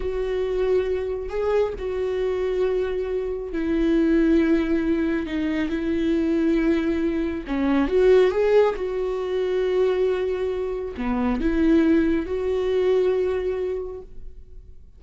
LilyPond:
\new Staff \with { instrumentName = "viola" } { \time 4/4 \tempo 4 = 137 fis'2. gis'4 | fis'1 | e'1 | dis'4 e'2.~ |
e'4 cis'4 fis'4 gis'4 | fis'1~ | fis'4 b4 e'2 | fis'1 | }